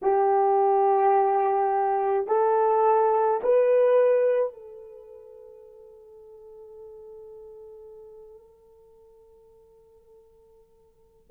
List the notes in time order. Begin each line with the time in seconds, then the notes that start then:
0.02 G4
2.27 A4
3.43 B4
4.53 A4